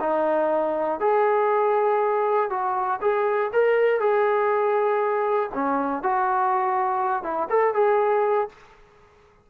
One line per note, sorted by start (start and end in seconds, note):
0.00 1.00 D#4
1.00 2.50 G#4
2.50 3.00 F#4
3.01 3.51 G#4
3.53 4.00 A#4
4.00 5.50 G#4
5.54 6.03 C#4
6.03 7.23 F#4
7.23 7.48 E4
7.50 7.74 A4
7.74 8.49 G#4